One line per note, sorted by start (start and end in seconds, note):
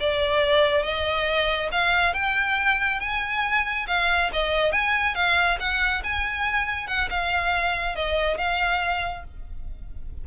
0.00 0.83 D5
0.83 1.69 D#5
1.71 2.13 F5
2.13 3.00 G5
3.00 3.86 G#5
3.87 4.30 F5
4.32 4.72 D#5
4.72 5.15 G#5
5.15 5.58 F5
5.59 6.02 F#5
6.03 6.87 G#5
6.87 7.09 F#5
7.10 7.96 F5
7.96 8.37 D#5
8.37 9.24 F5